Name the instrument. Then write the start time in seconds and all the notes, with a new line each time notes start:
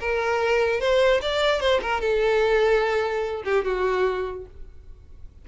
violin
0.00 A#4
0.81 C5
1.22 D5
1.61 C5
1.82 A#4
2.01 A4
3.45 G4
3.65 F#4